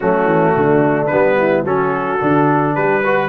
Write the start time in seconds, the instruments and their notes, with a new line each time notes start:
0.00 tuba F#3, trombone A3, horn C#4, trumpet F#4
0.25 tuba E3
0.56 tuba D3, horn D4
1.06 tuba G3, trumpet B4
1.12 trombone B3
1.37 horn E4
1.64 tuba F#3, trombone C#4, horn F#4, trumpet A4
2.20 tuba D3, trombone D4
2.75 tuba G3, horn G4, trumpet B4
3.01 trombone F#4, horn B4